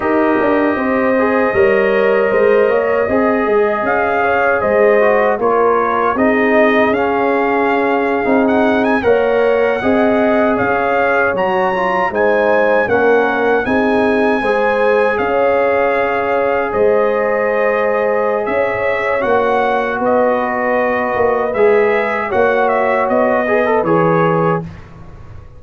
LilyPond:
<<
  \new Staff \with { instrumentName = "trumpet" } { \time 4/4 \tempo 4 = 78 dis''1~ | dis''4 f''4 dis''4 cis''4 | dis''4 f''2 fis''8 gis''16 fis''16~ | fis''4.~ fis''16 f''4 ais''4 gis''16~ |
gis''8. fis''4 gis''2 f''16~ | f''4.~ f''16 dis''2~ dis''16 | e''4 fis''4 dis''2 | e''4 fis''8 e''8 dis''4 cis''4 | }
  \new Staff \with { instrumentName = "horn" } { \time 4/4 ais'4 c''4 cis''4 c''8 cis''8 | dis''4. cis''8 c''4 ais'4 | gis'2.~ gis'8. cis''16~ | cis''8. dis''4 cis''2 c''16~ |
c''8. ais'4 gis'4 c''4 cis''16~ | cis''4.~ cis''16 c''2~ c''16 | cis''2 b'2~ | b'4 cis''4. b'4. | }
  \new Staff \with { instrumentName = "trombone" } { \time 4/4 g'4. gis'8 ais'2 | gis'2~ gis'8 fis'8 f'4 | dis'4 cis'4.~ cis'16 dis'4 ais'16~ | ais'8. gis'2 fis'8 f'8 dis'16~ |
dis'8. cis'4 dis'4 gis'4~ gis'16~ | gis'1~ | gis'4 fis'2. | gis'4 fis'4. gis'16 a'16 gis'4 | }
  \new Staff \with { instrumentName = "tuba" } { \time 4/4 dis'8 d'8 c'4 g4 gis8 ais8 | c'8 gis8 cis'4 gis4 ais4 | c'4 cis'4.~ cis'16 c'4 ais16~ | ais8. c'4 cis'4 fis4 gis16~ |
gis8. ais4 c'4 gis4 cis'16~ | cis'4.~ cis'16 gis2~ gis16 | cis'4 ais4 b4. ais8 | gis4 ais4 b4 e4 | }
>>